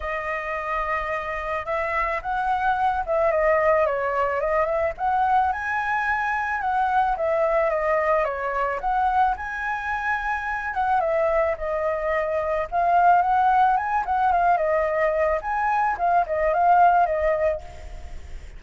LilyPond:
\new Staff \with { instrumentName = "flute" } { \time 4/4 \tempo 4 = 109 dis''2. e''4 | fis''4. e''8 dis''4 cis''4 | dis''8 e''8 fis''4 gis''2 | fis''4 e''4 dis''4 cis''4 |
fis''4 gis''2~ gis''8 fis''8 | e''4 dis''2 f''4 | fis''4 gis''8 fis''8 f''8 dis''4. | gis''4 f''8 dis''8 f''4 dis''4 | }